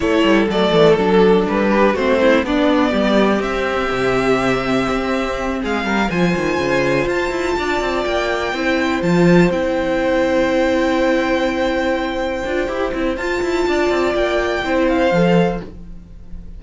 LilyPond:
<<
  \new Staff \with { instrumentName = "violin" } { \time 4/4 \tempo 4 = 123 cis''4 d''4 a'4 b'4 | c''4 d''2 e''4~ | e''2.~ e''8 f''8~ | f''8 gis''2 a''4.~ |
a''8 g''2 a''4 g''8~ | g''1~ | g''2. a''4~ | a''4 g''4. f''4. | }
  \new Staff \with { instrumentName = "violin" } { \time 4/4 a'2.~ a'8 g'8 | fis'8 e'8 d'4 g'2~ | g'2.~ g'8 gis'8 | ais'8 c''2. d''8~ |
d''4. c''2~ c''8~ | c''1~ | c''1 | d''2 c''2 | }
  \new Staff \with { instrumentName = "viola" } { \time 4/4 e'4 a4 d'2 | c'4 b2 c'4~ | c'1~ | c'8 f'2.~ f'8~ |
f'4. e'4 f'4 e'8~ | e'1~ | e'4. f'8 g'8 e'8 f'4~ | f'2 e'4 a'4 | }
  \new Staff \with { instrumentName = "cello" } { \time 4/4 a8 g8 fis8 e8 fis4 g4 | a4 b4 g4 c'4 | c2 c'4. gis8 | g8 f8 dis8 cis4 f'8 e'8 d'8 |
c'8 ais4 c'4 f4 c'8~ | c'1~ | c'4. d'8 e'8 c'8 f'8 e'8 | d'8 c'8 ais4 c'4 f4 | }
>>